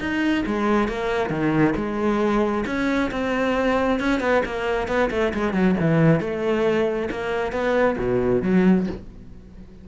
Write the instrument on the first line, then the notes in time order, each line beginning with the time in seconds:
cello
0.00 D#4
0.47 G#3
0.88 A#3
1.30 D#3
1.76 G#3
2.67 C#4
3.11 C4
4.00 C#4
4.21 B3
4.46 A#3
4.88 B3
5.11 A3
5.34 G#3
5.54 F#3
5.80 E3
6.20 A3
7.11 A#3
7.53 B3
7.98 B2
8.43 F#3